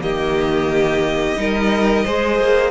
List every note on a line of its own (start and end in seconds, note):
0.00 1.37 D#3
0.00 1.36 A#3
0.00 1.39 G4
0.00 2.71 D#5
1.37 2.05 G3
1.37 2.05 D#4
1.37 2.05 A#4
2.05 2.40 G#3
2.05 2.71 G#4
2.05 2.71 C5
2.40 2.71 A#3